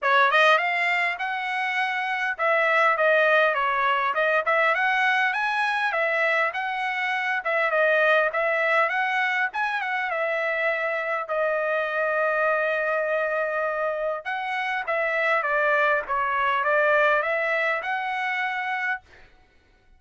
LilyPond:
\new Staff \with { instrumentName = "trumpet" } { \time 4/4 \tempo 4 = 101 cis''8 dis''8 f''4 fis''2 | e''4 dis''4 cis''4 dis''8 e''8 | fis''4 gis''4 e''4 fis''4~ | fis''8 e''8 dis''4 e''4 fis''4 |
gis''8 fis''8 e''2 dis''4~ | dis''1 | fis''4 e''4 d''4 cis''4 | d''4 e''4 fis''2 | }